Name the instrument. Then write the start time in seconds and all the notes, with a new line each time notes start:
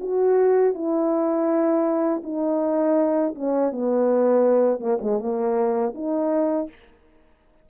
horn
0.00 F#4
0.74 E4
2.23 D#4
3.35 C#4
3.72 B3
4.80 A#3
5.01 G#3
5.19 A#3
5.95 D#4